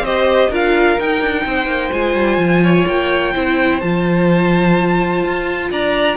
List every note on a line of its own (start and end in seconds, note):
0.00 0.47 C4
0.00 0.50 C5
0.00 0.52 D#5
0.06 0.52 G4
0.50 0.98 D4
0.50 0.99 F4
0.50 1.45 A#4
0.50 1.00 F5
1.00 1.21 D#4
1.00 1.93 D#4
1.00 1.93 G5
1.21 1.45 D4
1.46 1.66 C4
1.46 2.64 C5
1.66 1.90 A#3
1.93 2.15 G#3
1.93 3.35 F4
1.93 2.87 G#5
2.15 2.38 G3
2.38 2.85 F3
2.64 3.34 C#5
2.88 3.35 A#3
2.88 3.80 G5
3.34 3.82 C4
3.34 3.82 E4
3.34 5.70 C5
3.80 5.24 F3
3.80 6.17 F4
3.80 5.69 A5
5.24 5.71 F4
5.71 6.17 D4
5.71 6.17 D5
5.71 6.17 A#5